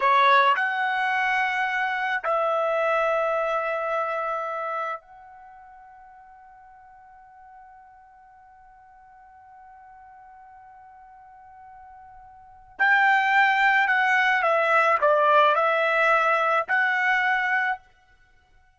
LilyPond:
\new Staff \with { instrumentName = "trumpet" } { \time 4/4 \tempo 4 = 108 cis''4 fis''2. | e''1~ | e''4 fis''2.~ | fis''1~ |
fis''1~ | fis''2. g''4~ | g''4 fis''4 e''4 d''4 | e''2 fis''2 | }